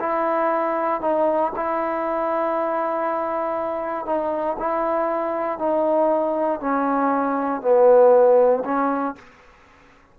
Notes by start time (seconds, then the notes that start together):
0.00 E4
1.01 D#4
1.56 E4
4.06 D#4
4.59 E4
5.59 D#4
6.60 C#4
7.62 B3
8.65 C#4